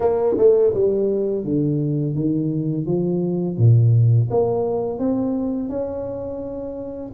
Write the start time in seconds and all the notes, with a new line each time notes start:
0.00 A#3
0.37 A3
0.74 G3
1.44 D3
2.14 D#3
2.86 F3
3.57 A#2
4.30 A#3
4.98 C4
5.69 C#4